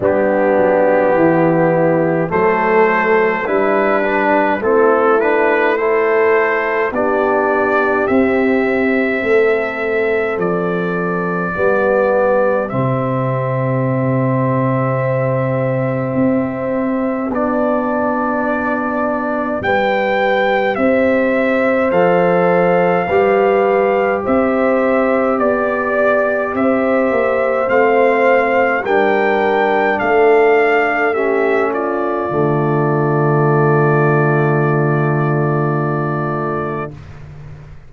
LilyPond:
<<
  \new Staff \with { instrumentName = "trumpet" } { \time 4/4 \tempo 4 = 52 g'2 c''4 b'4 | a'8 b'8 c''4 d''4 e''4~ | e''4 d''2 e''4~ | e''2. d''4~ |
d''4 g''4 e''4 f''4~ | f''4 e''4 d''4 e''4 | f''4 g''4 f''4 e''8 d''8~ | d''1 | }
  \new Staff \with { instrumentName = "horn" } { \time 4/4 d'4 e'4 a'4 d'4 | e'4 a'4 g'2 | a'2 g'2~ | g'1~ |
g'4 b'4 c''2 | b'4 c''4 d''4 c''4~ | c''4 ais'4 a'4 g'8 f'8~ | f'1 | }
  \new Staff \with { instrumentName = "trombone" } { \time 4/4 b2 a4 e'8 d'8 | c'8 d'8 e'4 d'4 c'4~ | c'2 b4 c'4~ | c'2. d'4~ |
d'4 g'2 a'4 | g'1 | c'4 d'2 cis'4 | a1 | }
  \new Staff \with { instrumentName = "tuba" } { \time 4/4 g8 fis8 e4 fis4 g4 | a2 b4 c'4 | a4 f4 g4 c4~ | c2 c'4 b4~ |
b4 g4 c'4 f4 | g4 c'4 b4 c'8 ais8 | a4 g4 a2 | d1 | }
>>